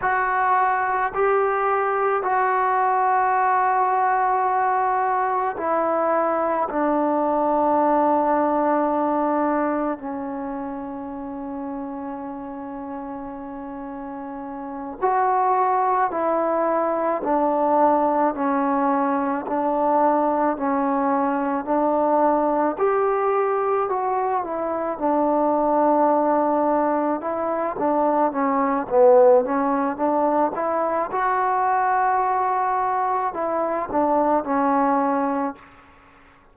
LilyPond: \new Staff \with { instrumentName = "trombone" } { \time 4/4 \tempo 4 = 54 fis'4 g'4 fis'2~ | fis'4 e'4 d'2~ | d'4 cis'2.~ | cis'4. fis'4 e'4 d'8~ |
d'8 cis'4 d'4 cis'4 d'8~ | d'8 g'4 fis'8 e'8 d'4.~ | d'8 e'8 d'8 cis'8 b8 cis'8 d'8 e'8 | fis'2 e'8 d'8 cis'4 | }